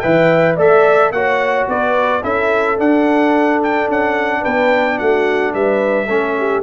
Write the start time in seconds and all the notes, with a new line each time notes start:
0.00 E3 B4 E5 G5
0.56 A3 A4 D5 E5
1.11 A#3 F#4 C#5 F#5
1.68 B3 B4 D5
2.22 C#4 E4 A4 E5
2.77 D4 F#5
3.63 G5
3.88 C#4 F#5
4.40 B3 B4 G5
4.98 A3 F#4 F#5
5.53 G3 B4 E5
6.06 A3 C#4 A4
6.38 G4